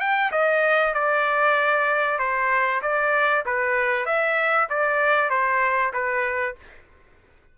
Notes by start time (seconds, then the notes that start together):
0.00 G5
0.32 D#5
0.94 D5
2.18 C5
2.82 D5
3.45 B4
4.05 E5
4.69 D5
5.30 C5
5.93 B4